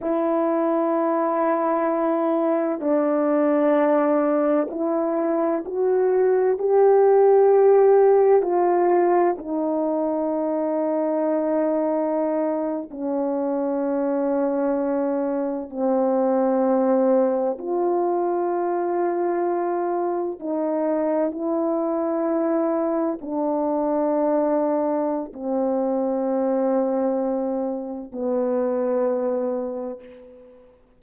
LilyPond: \new Staff \with { instrumentName = "horn" } { \time 4/4 \tempo 4 = 64 e'2. d'4~ | d'4 e'4 fis'4 g'4~ | g'4 f'4 dis'2~ | dis'4.~ dis'16 cis'2~ cis'16~ |
cis'8. c'2 f'4~ f'16~ | f'4.~ f'16 dis'4 e'4~ e'16~ | e'8. d'2~ d'16 c'4~ | c'2 b2 | }